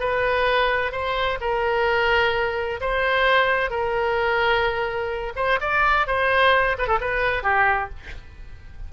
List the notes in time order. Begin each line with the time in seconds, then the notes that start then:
0.00 B4
0.92 C5
1.41 A#4
2.81 C5
3.70 A#4
5.36 C5
5.61 D5
6.07 C5
6.78 B4
6.87 A4
7.01 B4
7.43 G4